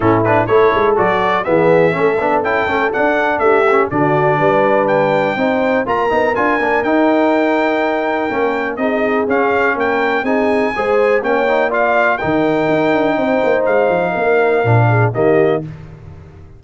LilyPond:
<<
  \new Staff \with { instrumentName = "trumpet" } { \time 4/4 \tempo 4 = 123 a'8 b'8 cis''4 d''4 e''4~ | e''4 g''4 fis''4 e''4 | d''2 g''2 | ais''4 gis''4 g''2~ |
g''2 dis''4 f''4 | g''4 gis''2 g''4 | f''4 g''2. | f''2. dis''4 | }
  \new Staff \with { instrumentName = "horn" } { \time 4/4 e'4 a'2 gis'4 | a'2. g'4 | fis'4 b'2 c''4 | ais'1~ |
ais'2 gis'2 | ais'4 gis'4 c''4 cis''4 | d''4 ais'2 c''4~ | c''4 ais'4. gis'8 g'4 | }
  \new Staff \with { instrumentName = "trombone" } { \time 4/4 cis'8 d'8 e'4 fis'4 b4 | cis'8 d'8 e'8 cis'8 d'4. cis'8 | d'2. dis'4 | f'8 dis'8 f'8 d'8 dis'2~ |
dis'4 cis'4 dis'4 cis'4~ | cis'4 dis'4 gis'4 cis'8 dis'8 | f'4 dis'2.~ | dis'2 d'4 ais4 | }
  \new Staff \with { instrumentName = "tuba" } { \time 4/4 a,4 a8 gis8 fis4 e4 | a8 b8 cis'8 a8 d'4 a4 | d4 g2 c'4 | ais8 b8 d'8 ais8 dis'2~ |
dis'4 ais4 c'4 cis'4 | ais4 c'4 gis4 ais4~ | ais4 dis4 dis'8 d'8 c'8 ais8 | gis8 f8 ais4 ais,4 dis4 | }
>>